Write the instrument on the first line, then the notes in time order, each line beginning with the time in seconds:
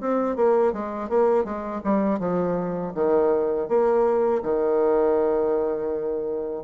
bassoon
0.00 C4
0.36 A#3
0.73 G#3
1.09 A#3
1.44 G#3
1.84 G3
2.19 F3
2.94 D#3
3.68 A#3
4.42 D#3